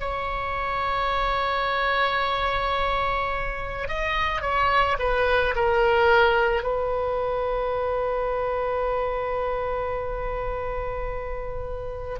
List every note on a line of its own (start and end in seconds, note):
0.00 3.88 C#5
3.88 4.41 D#5
4.41 4.97 C#5
4.99 5.55 B4
5.55 6.63 A#4
6.63 12.19 B4